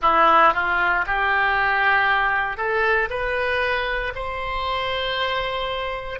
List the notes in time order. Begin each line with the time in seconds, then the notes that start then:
0.02 E4
0.53 F4
1.06 G4
2.57 A4
3.09 B4
4.15 C5